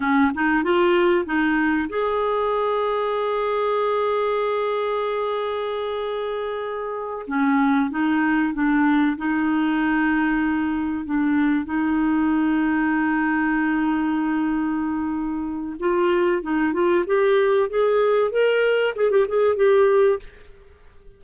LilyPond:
\new Staff \with { instrumentName = "clarinet" } { \time 4/4 \tempo 4 = 95 cis'8 dis'8 f'4 dis'4 gis'4~ | gis'1~ | gis'2.~ gis'8 cis'8~ | cis'8 dis'4 d'4 dis'4.~ |
dis'4. d'4 dis'4.~ | dis'1~ | dis'4 f'4 dis'8 f'8 g'4 | gis'4 ais'4 gis'16 g'16 gis'8 g'4 | }